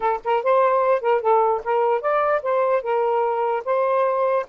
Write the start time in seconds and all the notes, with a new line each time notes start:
0.00 A4
0.24 A#4
0.43 C5
1.01 A#4
1.21 A4
1.63 A#4
2.01 D5
2.42 C5
2.82 A#4
3.64 C5